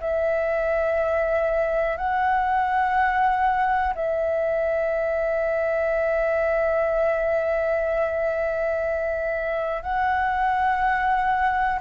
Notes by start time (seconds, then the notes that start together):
0.00 E5
1.97 F#5
3.95 E5
9.83 F#5